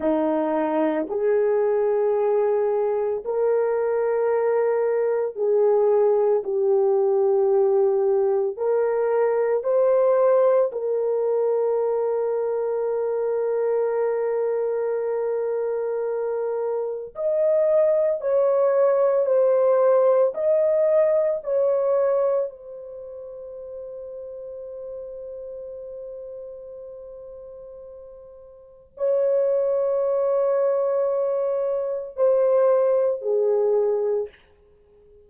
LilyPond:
\new Staff \with { instrumentName = "horn" } { \time 4/4 \tempo 4 = 56 dis'4 gis'2 ais'4~ | ais'4 gis'4 g'2 | ais'4 c''4 ais'2~ | ais'1 |
dis''4 cis''4 c''4 dis''4 | cis''4 c''2.~ | c''2. cis''4~ | cis''2 c''4 gis'4 | }